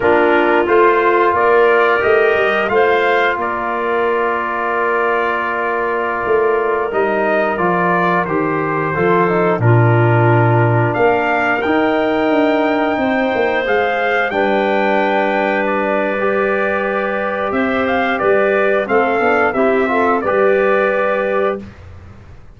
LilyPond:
<<
  \new Staff \with { instrumentName = "trumpet" } { \time 4/4 \tempo 4 = 89 ais'4 c''4 d''4 dis''4 | f''4 d''2.~ | d''2~ d''16 dis''4 d''8.~ | d''16 c''2 ais'4.~ ais'16~ |
ais'16 f''4 g''2~ g''8.~ | g''16 f''4 g''2 d''8.~ | d''2 e''8 f''8 d''4 | f''4 e''4 d''2 | }
  \new Staff \with { instrumentName = "clarinet" } { \time 4/4 f'2 ais'2 | c''4 ais'2.~ | ais'1~ | ais'4~ ais'16 a'4 f'4.~ f'16~ |
f'16 ais'2. c''8.~ | c''4~ c''16 b'2~ b'8.~ | b'2 c''4 b'4 | a'4 g'8 a'8 b'2 | }
  \new Staff \with { instrumentName = "trombone" } { \time 4/4 d'4 f'2 g'4 | f'1~ | f'2~ f'16 dis'4 f'8.~ | f'16 g'4 f'8 dis'8 d'4.~ d'16~ |
d'4~ d'16 dis'2~ dis'8.~ | dis'16 gis'4 d'2~ d'8. | g'1 | c'8 d'8 e'8 f'8 g'2 | }
  \new Staff \with { instrumentName = "tuba" } { \time 4/4 ais4 a4 ais4 a8 g8 | a4 ais2.~ | ais4~ ais16 a4 g4 f8.~ | f16 dis4 f4 ais,4.~ ais,16~ |
ais,16 ais4 dis'4 d'4 c'8 ais16~ | ais16 gis4 g2~ g8.~ | g2 c'4 g4 | a8 b8 c'4 g2 | }
>>